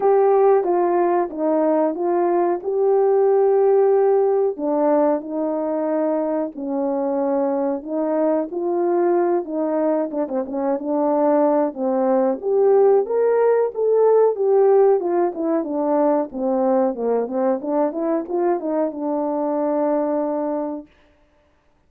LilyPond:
\new Staff \with { instrumentName = "horn" } { \time 4/4 \tempo 4 = 92 g'4 f'4 dis'4 f'4 | g'2. d'4 | dis'2 cis'2 | dis'4 f'4. dis'4 d'16 c'16 |
cis'8 d'4. c'4 g'4 | ais'4 a'4 g'4 f'8 e'8 | d'4 c'4 ais8 c'8 d'8 e'8 | f'8 dis'8 d'2. | }